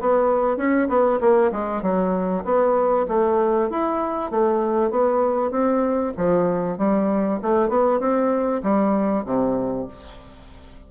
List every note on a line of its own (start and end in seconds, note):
0.00 0.57 B3
0.57 0.88 C#4
0.88 1.19 B3
1.20 1.51 A#3
1.52 1.82 G#3
1.82 2.44 F#3
2.44 3.06 B3
3.08 3.70 A3
3.70 4.31 E4
4.31 4.90 A3
4.90 5.51 B3
5.51 6.13 C4
6.17 6.78 F3
6.78 7.39 G3
7.42 7.69 A3
7.69 8.00 B3
8.00 8.61 C4
8.63 9.25 G3
9.25 9.87 C3